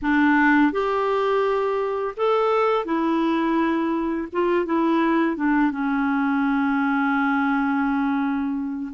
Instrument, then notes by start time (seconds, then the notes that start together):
clarinet
0.02 D4
0.71 G4
2.16 A4
2.85 E4
4.32 F4
4.65 E4
5.36 D4
5.71 C#4